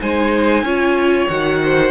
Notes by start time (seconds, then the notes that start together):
0.00 G#3 D#4 C5 G#5
0.62 C#4 F4 C#5
1.28 D#3 F#4 F#5
1.63 C5